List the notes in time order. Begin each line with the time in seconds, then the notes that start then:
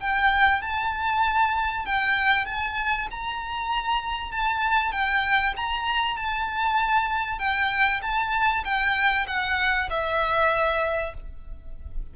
0.00 G5
0.62 A5
1.85 G5
2.45 A5
3.10 A#5
4.31 A5
4.91 G5
5.56 A#5
6.17 A5
7.39 G5
8.02 A5
8.64 G5
9.27 F#5
9.89 E5